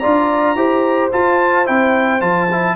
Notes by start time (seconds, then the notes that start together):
0.00 D4 F4 D5 A#5
0.56 E4 G4 C5
1.13 F4 A5
1.66 C4 E4 G5
2.21 F3 F4 A5
2.52 E4